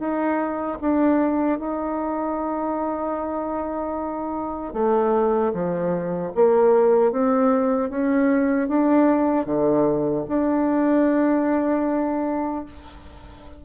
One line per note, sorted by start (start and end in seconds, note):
0.00 0.79 D#4
0.82 1.59 D4
1.59 4.74 D#4
4.74 5.53 A3
5.54 6.33 F3
6.36 7.12 A#3
7.12 7.90 C4
7.90 8.69 C#4
8.69 9.46 D4
9.46 10.25 D3
10.29 12.66 D4